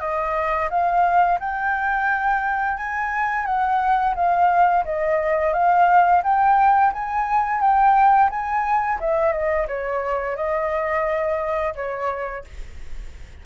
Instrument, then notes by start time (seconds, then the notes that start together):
flute
0.00 D#5
0.70 F5
1.39 G5
2.77 G#5
3.45 F#5
4.15 F5
4.85 D#5
5.53 F5
6.23 G5
6.93 G#5
7.61 G5
8.30 G#5
9.00 E5
9.32 D#5
9.67 C#5
10.36 D#5
11.75 C#5